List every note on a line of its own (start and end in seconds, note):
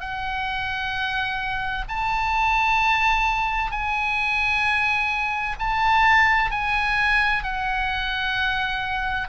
0.00 1.85 F#5
1.88 3.70 A5
3.70 5.55 G#5
5.59 6.50 A5
6.50 7.43 G#5
7.43 9.28 F#5